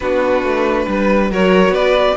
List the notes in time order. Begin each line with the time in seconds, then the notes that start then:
0.00 B3 D4 F#4 B4
0.43 A3
0.87 G3 B4
1.30 F#3 F#4 A#4 C#5
1.69 B3 B4 D5